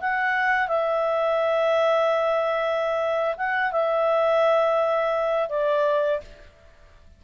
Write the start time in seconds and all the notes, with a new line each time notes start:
0.00 F#5
0.68 E5
3.37 F#5
3.72 E5
5.49 D5